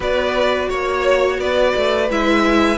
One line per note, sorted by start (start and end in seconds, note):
0.00 0.68 B3
0.00 2.08 F#4
0.00 0.68 B4
0.00 0.70 D5
0.68 1.38 A#3
0.68 1.38 C#5
0.68 1.40 C#5
1.38 1.73 B3
1.38 2.77 B4
1.38 2.09 D5
1.76 2.10 A3
2.10 2.77 G#3
2.10 2.77 E4
2.10 2.77 E5